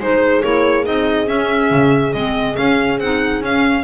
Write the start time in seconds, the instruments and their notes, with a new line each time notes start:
0.00 double bass G#3, clarinet D#4, horn G#4, violin C5
0.43 double bass A#3, clarinet E4, violin C#5
0.84 double bass C4, clarinet D#4, violin D#5
1.27 clarinet C#4, double bass C#4, violin E5
1.71 double bass C#3
2.14 double bass G#3, clarinet C4, violin D#5
2.56 clarinet C#4, double bass C#4, violin F5
3.00 double bass C4, clarinet D#4, violin F#5
3.41 double bass C#4, clarinet C#4, violin F5